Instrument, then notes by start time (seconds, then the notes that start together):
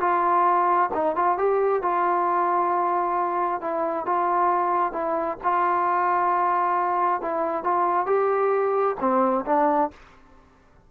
trombone
0.00 F4
0.94 D#4
1.15 F4
1.37 G4
1.82 F4
3.61 E4
4.06 F4
4.92 E4
5.43 F4
7.21 E4
7.63 F4
8.06 G4
9.00 C4
9.46 D4